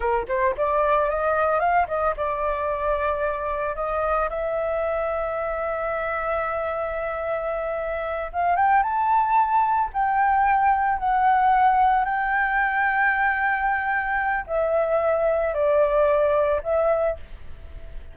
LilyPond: \new Staff \with { instrumentName = "flute" } { \time 4/4 \tempo 4 = 112 ais'8 c''8 d''4 dis''4 f''8 dis''8 | d''2. dis''4 | e''1~ | e''2.~ e''8 f''8 |
g''8 a''2 g''4.~ | g''8 fis''2 g''4.~ | g''2. e''4~ | e''4 d''2 e''4 | }